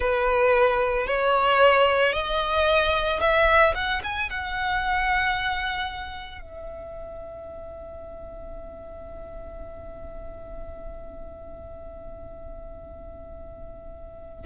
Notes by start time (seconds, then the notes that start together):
0.00 B4
1.06 C#5
2.12 D#5
3.20 E5
3.75 F#5
4.03 G#5
4.30 F#5
6.41 E5